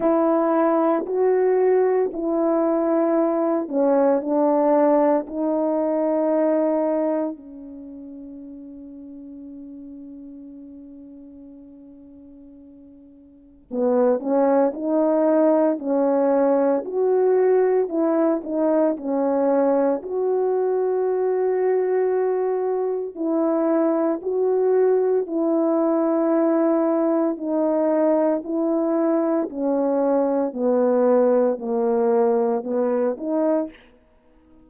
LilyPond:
\new Staff \with { instrumentName = "horn" } { \time 4/4 \tempo 4 = 57 e'4 fis'4 e'4. cis'8 | d'4 dis'2 cis'4~ | cis'1~ | cis'4 b8 cis'8 dis'4 cis'4 |
fis'4 e'8 dis'8 cis'4 fis'4~ | fis'2 e'4 fis'4 | e'2 dis'4 e'4 | cis'4 b4 ais4 b8 dis'8 | }